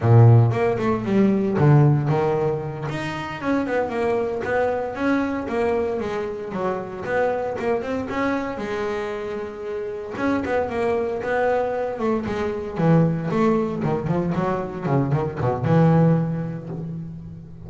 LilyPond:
\new Staff \with { instrumentName = "double bass" } { \time 4/4 \tempo 4 = 115 ais,4 ais8 a8 g4 d4 | dis4. dis'4 cis'8 b8 ais8~ | ais8 b4 cis'4 ais4 gis8~ | gis8 fis4 b4 ais8 c'8 cis'8~ |
cis'8 gis2. cis'8 | b8 ais4 b4. a8 gis8~ | gis8 e4 a4 dis8 f8 fis8~ | fis8 cis8 dis8 b,8 e2 | }